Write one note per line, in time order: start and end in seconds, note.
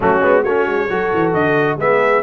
0.00 0.22 F#3
0.00 0.21 A3
0.00 0.41 C#4
0.00 0.43 F#4
0.22 0.44 G#3
0.22 0.44 B3
0.41 0.66 A3
0.41 0.86 F#4
0.41 1.32 C#5
0.48 0.89 C#4
0.66 0.88 G#3
0.89 1.12 F#3
0.89 1.78 F#4
0.89 1.79 A4
1.12 1.34 E3
1.33 1.76 D3
1.33 1.78 D#5
1.76 2.21 G#3
1.76 2.23 B3
1.76 2.23 G#4
1.76 2.23 E5